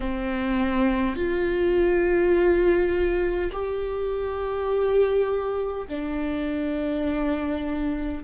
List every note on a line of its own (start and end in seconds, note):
0.00 1.16 C4
1.16 3.51 F4
3.52 5.87 G4
5.88 8.23 D4